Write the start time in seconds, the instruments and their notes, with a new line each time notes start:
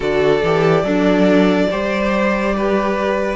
0.00 cello D3, viola F#4, violin A4 D5
0.42 cello E3, viola G4
0.83 cello F#3, violin D4, viola A4
1.70 cello G3, viola G4, violin C5
2.56 violin B4